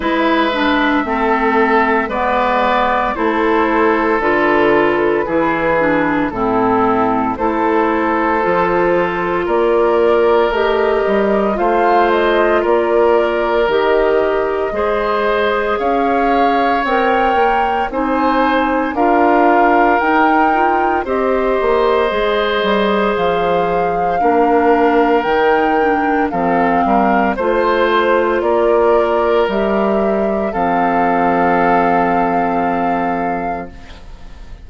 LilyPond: <<
  \new Staff \with { instrumentName = "flute" } { \time 4/4 \tempo 4 = 57 e''2 d''4 c''4 | b'2 a'4 c''4~ | c''4 d''4 dis''4 f''8 dis''8 | d''4 dis''2 f''4 |
g''4 gis''4 f''4 g''4 | dis''2 f''2 | g''4 f''4 c''4 d''4 | e''4 f''2. | }
  \new Staff \with { instrumentName = "oboe" } { \time 4/4 b'4 a'4 b'4 a'4~ | a'4 gis'4 e'4 a'4~ | a'4 ais'2 c''4 | ais'2 c''4 cis''4~ |
cis''4 c''4 ais'2 | c''2. ais'4~ | ais'4 a'8 ais'8 c''4 ais'4~ | ais'4 a'2. | }
  \new Staff \with { instrumentName = "clarinet" } { \time 4/4 e'8 d'8 c'4 b4 e'4 | f'4 e'8 d'8 c'4 e'4 | f'2 g'4 f'4~ | f'4 g'4 gis'2 |
ais'4 dis'4 f'4 dis'8 f'8 | g'4 gis'2 d'4 | dis'8 d'8 c'4 f'2 | g'4 c'2. | }
  \new Staff \with { instrumentName = "bassoon" } { \time 4/4 gis4 a4 gis4 a4 | d4 e4 a,4 a4 | f4 ais4 a8 g8 a4 | ais4 dis4 gis4 cis'4 |
c'8 ais8 c'4 d'4 dis'4 | c'8 ais8 gis8 g8 f4 ais4 | dis4 f8 g8 a4 ais4 | g4 f2. | }
>>